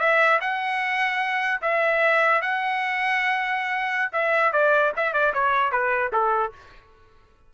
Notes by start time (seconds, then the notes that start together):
0.00 E5
0.41 F#5
1.62 E5
2.42 F#5
4.13 E5
4.53 D5
4.97 E5
5.14 D5
5.34 C#5
5.72 B4
6.13 A4